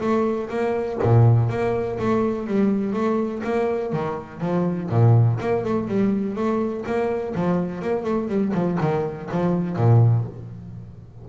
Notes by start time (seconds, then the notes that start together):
0.00 A3
0.49 A#3
1.02 A#2
1.49 A#3
1.99 A3
2.47 G3
2.93 A3
3.43 A#3
3.92 D#3
4.40 F3
4.89 A#2
5.40 A#3
5.64 A3
5.87 G3
6.35 A3
6.85 A#3
7.35 F3
7.82 A#3
8.04 A3
8.28 G3
8.53 F3
8.80 D#3
9.31 F3
9.76 A#2